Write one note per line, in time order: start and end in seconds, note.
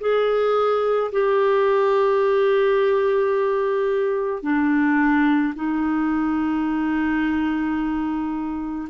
0.00 1.11 G#4
1.12 4.42 G4
4.42 5.54 D4
5.55 8.88 D#4